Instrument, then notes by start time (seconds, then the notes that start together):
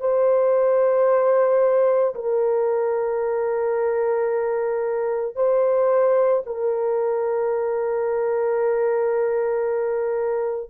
horn
0.00 C5
2.15 A#4
5.36 C5
6.46 A#4